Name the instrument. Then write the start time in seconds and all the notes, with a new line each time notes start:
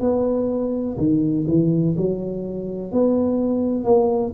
tuba
0.00 B3
0.97 D#3
1.47 E3
1.97 F#3
2.92 B3
3.84 A#3